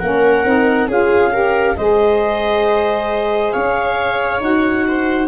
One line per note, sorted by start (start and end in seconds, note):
0.00 0.44 A#3
0.00 0.46 C#4
0.00 0.88 A#4
0.00 0.88 F#5
0.44 0.87 C4
0.44 0.89 D#4
0.87 1.76 C#4
0.87 1.32 F4
0.87 1.32 G#4
0.87 1.77 F5
1.32 1.76 G4
1.32 1.77 A#4
1.77 3.54 G#3
1.77 4.40 G#4
1.77 3.53 C5
1.77 3.53 D#5
3.53 4.41 C#4
3.53 4.86 C#5
3.53 4.41 F5
4.40 5.28 D#4
4.40 5.28 F#4
4.40 5.28 F#5
4.88 5.28 C5